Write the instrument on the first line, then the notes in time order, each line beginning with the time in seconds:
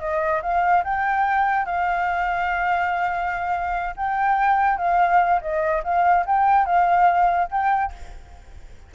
flute
0.00 D#5
0.42 F5
0.84 G5
1.66 F5
3.97 G5
4.78 F5
5.42 D#5
5.84 F5
6.27 G5
6.66 F5
7.51 G5